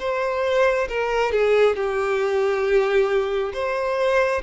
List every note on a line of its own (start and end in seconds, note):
0.00 0.88 C5
0.89 1.32 A#4
1.32 1.76 G#4
1.76 3.53 G4
3.54 4.42 C5